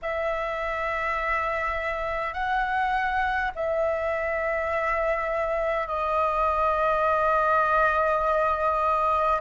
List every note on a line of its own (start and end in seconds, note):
0.02 2.33 E5
2.33 3.51 F#5
3.55 5.87 E5
5.87 9.40 D#5